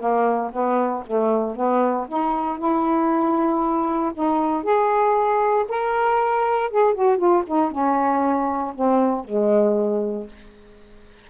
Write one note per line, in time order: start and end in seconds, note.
0.00 0.51 A#3
0.53 1.04 B3
1.07 1.56 A3
1.56 2.08 B3
2.09 2.59 D#4
2.59 4.13 E4
4.15 4.64 D#4
4.64 5.66 G#4
5.69 6.71 A#4
6.71 6.95 G#4
6.95 7.18 F#4
7.18 7.44 F4
7.47 7.72 D#4
7.72 8.74 C#4
8.75 9.25 C4
9.25 10.28 G#3